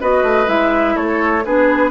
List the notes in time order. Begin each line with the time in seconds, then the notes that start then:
0.00 B3 F#4 B4 D#5
0.23 A3
0.46 G#3 E4 E5
0.95 A3 A4 C#5
1.45 B3 D4 G#4 B4